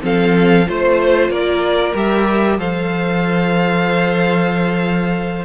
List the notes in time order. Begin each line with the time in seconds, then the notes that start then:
0.00 F3 C4 A4 F5
0.66 A3 F4 C5
1.29 A#3 A#4 D5
1.94 G3 G4 E5
2.58 F3 A4 C5 F5